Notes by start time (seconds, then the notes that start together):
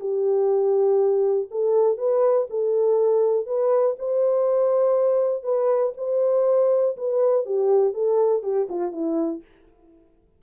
0.00 G4
1.51 A4
1.97 B4
2.50 A4
3.46 B4
3.99 C5
5.43 B4
5.97 C5
6.96 B4
7.45 G4
7.94 A4
8.43 G4
8.69 F4
8.92 E4